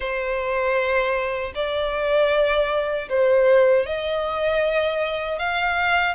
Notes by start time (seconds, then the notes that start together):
0.00 C5
1.55 D5
3.09 C5
3.86 D#5
5.38 F5